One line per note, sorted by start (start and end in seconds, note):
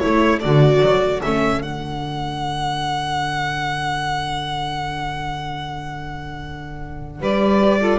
0.00 0.45 A3
0.00 0.41 E4
0.00 7.21 A4
0.00 0.40 C#5
0.41 0.82 D3
0.41 1.23 F#4
0.41 1.21 D5
0.82 1.22 F#3
1.23 1.63 A3
1.23 1.62 C#4
1.23 1.63 E5
1.62 7.21 D3
1.62 7.61 D4
1.62 7.23 F#5
7.21 7.99 G3
7.21 7.80 B4
7.21 7.99 D5
7.61 7.81 G4
7.80 7.99 F4
7.80 7.99 A4